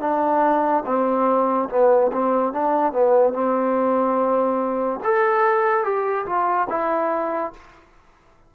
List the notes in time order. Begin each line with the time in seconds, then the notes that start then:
0.00 D4
0.85 C4
1.69 B3
2.12 C4
2.53 D4
2.92 B3
3.33 C4
5.03 A4
5.84 G4
6.25 F4
6.69 E4